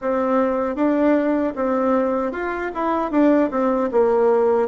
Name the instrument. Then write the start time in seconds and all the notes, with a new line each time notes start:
bassoon
0.01 C4
0.75 D4
1.55 C4
2.32 F4
2.74 E4
3.11 D4
3.51 C4
3.91 A#3